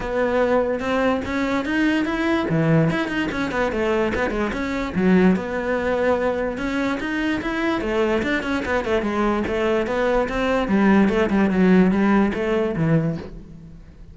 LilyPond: \new Staff \with { instrumentName = "cello" } { \time 4/4 \tempo 4 = 146 b2 c'4 cis'4 | dis'4 e'4 e4 e'8 dis'8 | cis'8 b8 a4 b8 gis8 cis'4 | fis4 b2. |
cis'4 dis'4 e'4 a4 | d'8 cis'8 b8 a8 gis4 a4 | b4 c'4 g4 a8 g8 | fis4 g4 a4 e4 | }